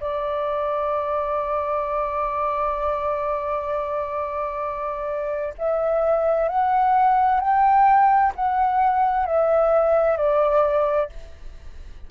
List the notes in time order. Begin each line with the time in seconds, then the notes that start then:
0.00 D5
5.58 E5
6.48 F#5
7.40 G5
8.35 F#5
9.26 E5
10.17 D5